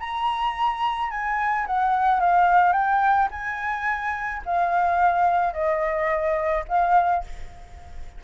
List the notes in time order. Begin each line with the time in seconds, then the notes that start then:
0.00 A#5
1.11 G#5
1.67 F#5
2.20 F5
2.72 G5
3.31 G#5
4.45 F5
5.53 D#5
6.68 F5